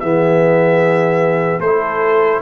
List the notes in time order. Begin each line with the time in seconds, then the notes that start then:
0.00 E3 B3 G#4 E5
1.60 A3 E4 A4 C5